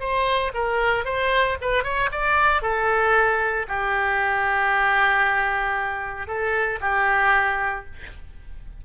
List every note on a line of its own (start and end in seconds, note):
0.00 0.52 C5
0.54 1.05 A#4
1.05 1.57 C5
1.61 1.84 B4
1.84 2.10 C#5
2.12 2.62 D5
2.62 3.66 A4
3.68 6.27 G4
6.27 6.79 A4
6.81 7.85 G4